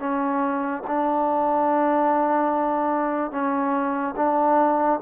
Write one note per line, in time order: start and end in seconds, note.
0.00 0.83 C#4
0.87 3.32 D4
3.32 4.15 C#4
4.17 5.00 D4